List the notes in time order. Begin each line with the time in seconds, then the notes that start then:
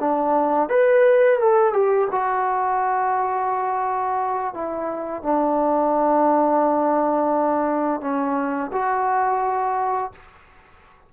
0.00 D4
0.69 B4
1.39 A4
1.73 G4
2.11 F#4
4.54 E4
5.23 D4
8.01 C#4
8.72 F#4